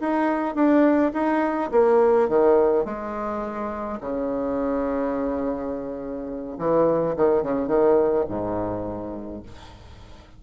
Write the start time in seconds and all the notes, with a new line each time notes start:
0.00 D#4
0.55 D4
1.13 D#4
1.71 A#3
2.29 D#3
2.85 G#3
4.00 C#3
6.58 E3
7.16 D#3
7.42 C#3
7.68 D#3
8.28 G#2